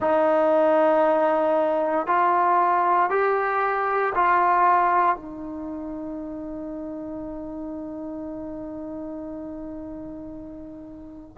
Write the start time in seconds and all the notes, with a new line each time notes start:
0.00 D#4
2.06 F4
3.09 G4
4.14 F4
5.15 D#4